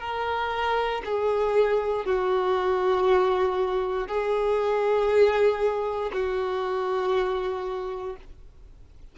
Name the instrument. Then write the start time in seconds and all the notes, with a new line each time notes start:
violin
0.00 A#4
1.05 G#4
2.05 F#4
4.08 G#4
6.12 F#4